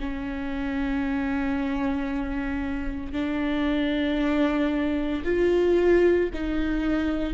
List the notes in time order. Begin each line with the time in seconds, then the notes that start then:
0.00 C#4
3.12 D4
5.24 F4
6.33 D#4